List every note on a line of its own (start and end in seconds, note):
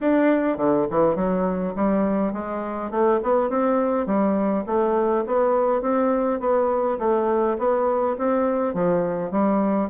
0.00 0.57 D4
0.57 0.86 D3
0.90 1.15 E3
1.15 1.73 F#3
1.75 2.32 G3
2.32 2.90 G#3
2.90 3.20 A3
3.22 3.50 B3
3.50 4.06 C4
4.06 4.64 G3
4.66 5.24 A3
5.26 5.81 B3
5.81 6.39 C4
6.39 6.98 B3
6.98 7.57 A3
7.58 8.16 B3
8.18 8.74 C4
8.74 9.31 F3
9.31 9.89 G3